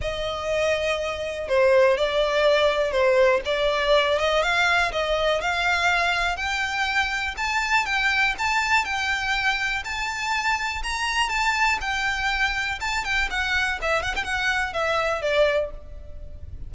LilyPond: \new Staff \with { instrumentName = "violin" } { \time 4/4 \tempo 4 = 122 dis''2. c''4 | d''2 c''4 d''4~ | d''8 dis''8 f''4 dis''4 f''4~ | f''4 g''2 a''4 |
g''4 a''4 g''2 | a''2 ais''4 a''4 | g''2 a''8 g''8 fis''4 | e''8 fis''16 g''16 fis''4 e''4 d''4 | }